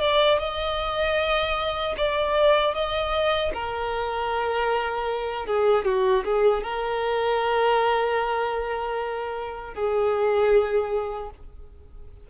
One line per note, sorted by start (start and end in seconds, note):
0.00 0.39 D5
0.39 1.95 D#5
1.97 2.74 D5
2.74 3.52 D#5
3.54 5.46 A#4
5.46 5.85 G#4
5.85 6.24 F#4
6.24 6.63 G#4
6.63 9.74 A#4
9.74 11.30 G#4